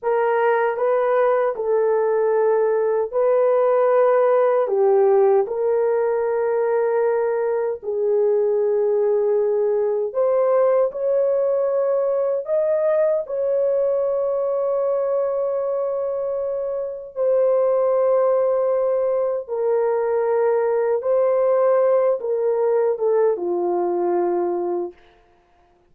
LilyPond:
\new Staff \with { instrumentName = "horn" } { \time 4/4 \tempo 4 = 77 ais'4 b'4 a'2 | b'2 g'4 ais'4~ | ais'2 gis'2~ | gis'4 c''4 cis''2 |
dis''4 cis''2.~ | cis''2 c''2~ | c''4 ais'2 c''4~ | c''8 ais'4 a'8 f'2 | }